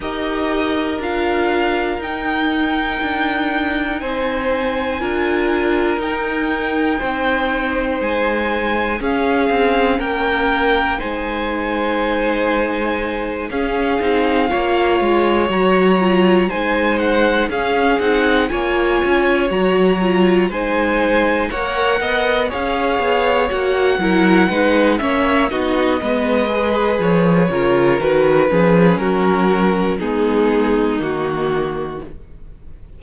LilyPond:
<<
  \new Staff \with { instrumentName = "violin" } { \time 4/4 \tempo 4 = 60 dis''4 f''4 g''2 | gis''2 g''2 | gis''4 f''4 g''4 gis''4~ | gis''4. f''2 ais''8~ |
ais''8 gis''8 fis''8 f''8 fis''8 gis''4 ais''8~ | ais''8 gis''4 fis''4 f''4 fis''8~ | fis''4 e''8 dis''4. cis''4 | b'4 ais'4 gis'4 fis'4 | }
  \new Staff \with { instrumentName = "violin" } { \time 4/4 ais'1 | c''4 ais'2 c''4~ | c''4 gis'4 ais'4 c''4~ | c''4. gis'4 cis''4.~ |
cis''8 c''4 gis'4 cis''4.~ | cis''8 c''4 cis''8 dis''8 cis''4. | ais'8 b'8 cis''8 fis'8 b'4. ais'8~ | ais'8 gis'8 fis'4 dis'2 | }
  \new Staff \with { instrumentName = "viola" } { \time 4/4 g'4 f'4 dis'2~ | dis'4 f'4 dis'2~ | dis'4 cis'2 dis'4~ | dis'4. cis'8 dis'8 f'4 fis'8 |
f'8 dis'4 cis'8 dis'8 f'4 fis'8 | f'8 dis'4 ais'4 gis'4 fis'8 | e'8 dis'8 cis'8 dis'8 b8 gis'4 f'8 | fis'8 cis'4. b4 ais4 | }
  \new Staff \with { instrumentName = "cello" } { \time 4/4 dis'4 d'4 dis'4 d'4 | c'4 d'4 dis'4 c'4 | gis4 cis'8 c'8 ais4 gis4~ | gis4. cis'8 c'8 ais8 gis8 fis8~ |
fis8 gis4 cis'8 c'8 ais8 cis'8 fis8~ | fis8 gis4 ais8 b8 cis'8 b8 ais8 | fis8 gis8 ais8 b8 gis4 f8 cis8 | dis8 f8 fis4 gis4 dis4 | }
>>